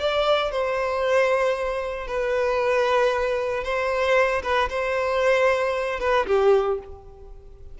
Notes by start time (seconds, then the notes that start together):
0.00 D5
0.52 C5
2.08 B4
3.64 C5
4.43 B4
4.70 C5
6.00 B4
6.27 G4